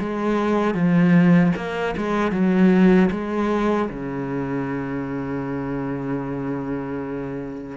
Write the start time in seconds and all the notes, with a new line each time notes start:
0.00 G#3
0.75 F3
1.56 A#3
1.97 G#3
2.32 F#3
3.11 G#3
3.90 C#3